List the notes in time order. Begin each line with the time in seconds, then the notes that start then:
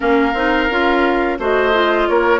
0.00 A#3 C#4 A#4 F5
0.33 C4 D#4
0.70 C#4 F4
1.38 A3 F#4 C5 D#5
1.73 F4
2.07 A#3 A#4 C#5